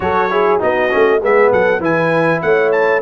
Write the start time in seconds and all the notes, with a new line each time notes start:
0.00 F#3 F#4 A4 C#5
0.30 E4 G#4
0.59 B3 D#4 F#4 D#5
0.89 A3 C#4
1.21 G#3 B3 G#4 E5
1.51 F#3 A4 F#5
1.79 E3 E4 B4 G#5
2.41 A3 C#5 F#5
2.72 A5